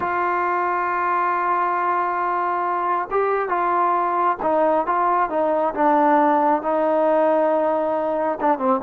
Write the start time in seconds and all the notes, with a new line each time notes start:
0.00 F4
3.11 G4
3.49 F4
4.42 D#4
4.86 F4
5.29 D#4
5.74 D4
6.62 D#4
8.40 D4
8.58 C4